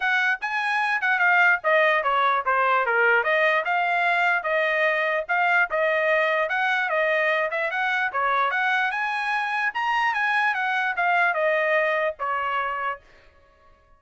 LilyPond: \new Staff \with { instrumentName = "trumpet" } { \time 4/4 \tempo 4 = 148 fis''4 gis''4. fis''8 f''4 | dis''4 cis''4 c''4 ais'4 | dis''4 f''2 dis''4~ | dis''4 f''4 dis''2 |
fis''4 dis''4. e''8 fis''4 | cis''4 fis''4 gis''2 | ais''4 gis''4 fis''4 f''4 | dis''2 cis''2 | }